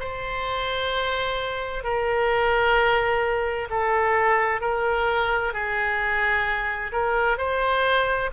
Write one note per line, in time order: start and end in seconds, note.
0.00 1.84 C5
1.84 3.69 A#4
3.70 4.61 A4
4.61 5.53 A#4
5.53 6.92 G#4
6.93 7.38 A#4
7.38 8.30 C5